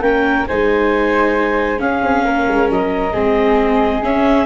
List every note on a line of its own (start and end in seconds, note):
0.00 0.44 A#3
0.00 0.46 C#4
0.00 0.47 A#4
0.00 0.46 G5
0.47 1.80 G#3
0.47 1.77 D#4
0.47 1.79 C5
0.47 1.80 G#5
1.77 3.10 C#4
1.77 2.03 C#4
1.77 2.23 G#4
1.77 2.68 F5
2.03 2.24 C4
2.24 2.46 A#3
2.24 3.13 A#4
2.47 2.69 G#3
2.69 3.14 F#3
2.69 4.03 D#5
3.13 4.02 G#3
3.13 4.03 C4
3.13 4.46 G#4
4.02 4.46 C#4
4.02 4.46 E5